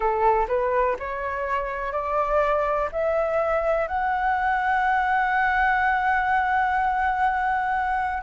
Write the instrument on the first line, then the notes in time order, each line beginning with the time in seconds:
flute
0.00 A4
0.48 B4
0.99 C#5
1.92 D5
2.92 E5
3.87 F#5